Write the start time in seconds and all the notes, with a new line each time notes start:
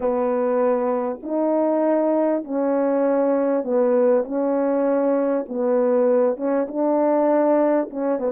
0.00 B3
1.23 D#4
2.44 C#4
3.64 B3
4.23 C#4
5.48 B3
6.36 C#4
6.68 D4
7.90 C#4
8.19 B3